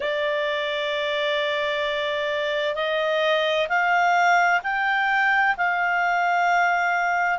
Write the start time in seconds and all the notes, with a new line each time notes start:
0.00 D5
2.75 D#5
3.68 F5
4.63 G5
5.57 F5